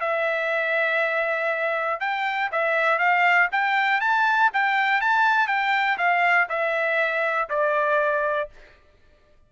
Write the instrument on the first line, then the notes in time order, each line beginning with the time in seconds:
trumpet
0.00 E5
2.00 G5
2.52 E5
2.99 F5
3.52 G5
4.00 A5
4.53 G5
5.01 A5
5.47 G5
5.98 F5
6.49 E5
7.49 D5